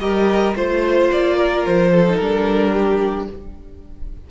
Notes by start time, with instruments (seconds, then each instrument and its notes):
0.00 cello G3, viola G4, violin A#4 D#5
0.56 cello A3, viola F4, violin C5
1.12 cello A#3, violin D5
1.37 violin A#4
1.66 cello F3, violin C5
1.92 violin A4
2.09 viola D#4
2.16 cello G3, viola D4, violin A#4
2.73 violin G4